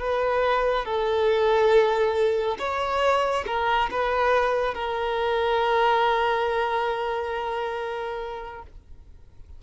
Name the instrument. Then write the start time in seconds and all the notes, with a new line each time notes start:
violin
0.00 B4
0.85 A4
2.59 C#5
3.47 A#4
3.91 B4
4.75 A#4